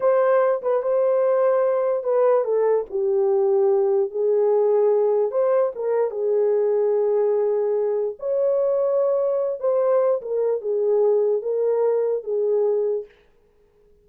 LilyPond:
\new Staff \with { instrumentName = "horn" } { \time 4/4 \tempo 4 = 147 c''4. b'8 c''2~ | c''4 b'4 a'4 g'4~ | g'2 gis'2~ | gis'4 c''4 ais'4 gis'4~ |
gis'1 | cis''2.~ cis''8 c''8~ | c''4 ais'4 gis'2 | ais'2 gis'2 | }